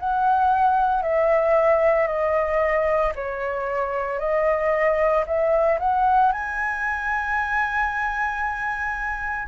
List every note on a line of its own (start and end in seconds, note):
0.00 1.03 F#5
1.03 2.08 E5
2.08 3.13 D#5
3.15 4.20 C#5
4.20 5.25 D#5
5.27 5.79 E5
5.80 6.33 F#5
6.33 9.48 G#5